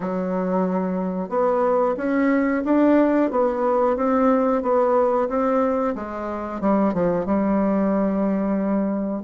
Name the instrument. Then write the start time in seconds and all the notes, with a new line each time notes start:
bassoon
0.00 F#3
1.29 B3
1.97 C#4
2.64 D4
3.30 B3
3.96 C4
4.62 B3
5.28 C4
5.95 G#3
6.60 G3
6.93 F3
7.25 G3